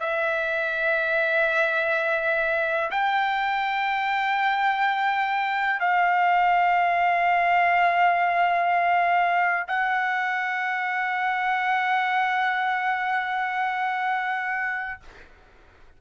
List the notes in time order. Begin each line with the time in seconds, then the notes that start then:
0.00 E5
2.91 G5
5.80 F5
9.67 F#5